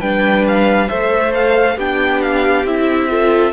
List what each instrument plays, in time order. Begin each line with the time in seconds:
0.00 cello G3, viola D4, violin B4 G5
0.47 violin F5
0.88 cello A3, viola A4, violin C5 E5
1.34 violin F5
1.76 cello B3, viola D4, violin G4 G5
2.22 violin F5
2.64 cello C4, viola E4, violin E5
3.09 viola F4, violin A4